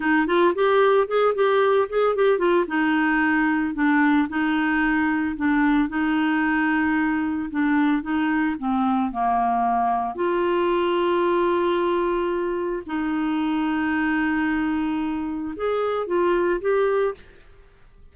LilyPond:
\new Staff \with { instrumentName = "clarinet" } { \time 4/4 \tempo 4 = 112 dis'8 f'8 g'4 gis'8 g'4 gis'8 | g'8 f'8 dis'2 d'4 | dis'2 d'4 dis'4~ | dis'2 d'4 dis'4 |
c'4 ais2 f'4~ | f'1 | dis'1~ | dis'4 gis'4 f'4 g'4 | }